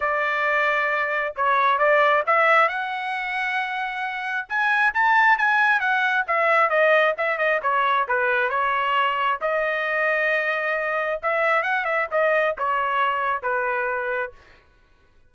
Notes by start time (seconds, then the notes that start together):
0.00 D5
1.36 C#5
1.78 D5
2.26 E5
2.68 F#5
4.48 G#5
4.94 A5
5.38 G#5
5.80 F#5
6.27 E5
6.69 D#5
7.17 E5
7.38 D#5
7.62 C#5
8.08 B4
8.49 C#5
9.41 D#5
11.22 E5
11.63 F#5
11.84 E5
12.11 D#5
12.58 C#5
13.42 B4